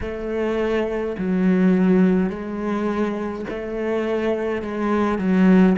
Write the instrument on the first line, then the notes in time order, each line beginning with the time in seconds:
cello
0.01 A3
1.17 F#3
2.29 G#3
3.49 A3
4.62 G#3
5.18 F#3